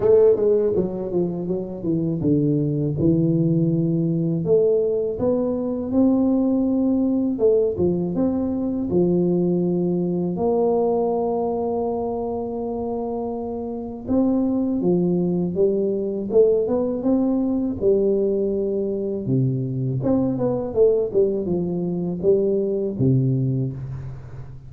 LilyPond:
\new Staff \with { instrumentName = "tuba" } { \time 4/4 \tempo 4 = 81 a8 gis8 fis8 f8 fis8 e8 d4 | e2 a4 b4 | c'2 a8 f8 c'4 | f2 ais2~ |
ais2. c'4 | f4 g4 a8 b8 c'4 | g2 c4 c'8 b8 | a8 g8 f4 g4 c4 | }